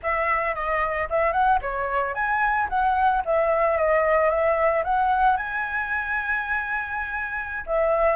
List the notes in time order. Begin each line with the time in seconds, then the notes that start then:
0.02 E5
0.54 D#5
1.09 E5
1.32 F#5
1.61 C#5
2.14 G#5
2.69 F#5
3.25 E5
3.77 D#5
4.29 E5
4.84 F#5
5.36 G#5
7.66 E5